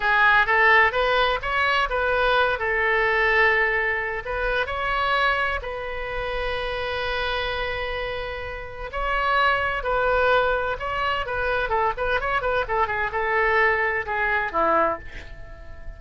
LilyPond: \new Staff \with { instrumentName = "oboe" } { \time 4/4 \tempo 4 = 128 gis'4 a'4 b'4 cis''4 | b'4. a'2~ a'8~ | a'4 b'4 cis''2 | b'1~ |
b'2. cis''4~ | cis''4 b'2 cis''4 | b'4 a'8 b'8 cis''8 b'8 a'8 gis'8 | a'2 gis'4 e'4 | }